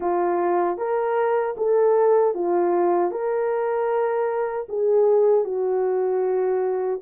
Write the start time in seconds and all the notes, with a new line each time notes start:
0.00 F4
0.77 A#4
1.57 A4
2.34 F4
3.11 A#4
4.68 G#4
5.44 F#4